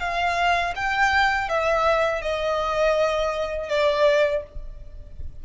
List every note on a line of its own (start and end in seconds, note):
0.00 0.74 F5
0.76 1.49 G5
1.49 2.22 E5
2.22 3.69 D#5
3.69 4.43 D5